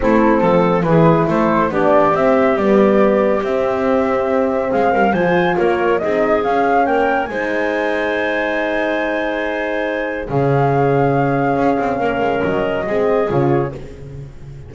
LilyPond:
<<
  \new Staff \with { instrumentName = "flute" } { \time 4/4 \tempo 4 = 140 a'2 b'4 c''4 | d''4 e''4 d''2 | e''2. f''4 | gis''4 cis''4 dis''4 f''4 |
g''4 gis''2.~ | gis''1 | f''1~ | f''4 dis''2 cis''4 | }
  \new Staff \with { instrumentName = "clarinet" } { \time 4/4 e'4 a'4 gis'4 a'4 | g'1~ | g'2. gis'8 ais'8 | c''4 ais'4 gis'2 |
ais'4 c''2.~ | c''1 | gis'1 | ais'2 gis'2 | }
  \new Staff \with { instrumentName = "horn" } { \time 4/4 c'2 e'2 | d'4 c'4 b2 | c'1 | f'2 dis'4 cis'4~ |
cis'4 dis'2.~ | dis'1 | cis'1~ | cis'2 c'4 f'4 | }
  \new Staff \with { instrumentName = "double bass" } { \time 4/4 a4 f4 e4 a4 | b4 c'4 g2 | c'2. gis8 g8 | f4 ais4 c'4 cis'4 |
ais4 gis2.~ | gis1 | cis2. cis'8 c'8 | ais8 gis8 fis4 gis4 cis4 | }
>>